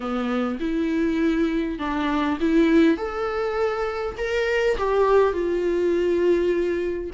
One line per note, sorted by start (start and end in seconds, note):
0.00 0.58 B3
0.59 1.78 E4
1.78 2.38 D4
2.40 2.97 E4
2.97 4.16 A4
4.17 4.77 A#4
4.77 5.32 G4
5.32 7.10 F4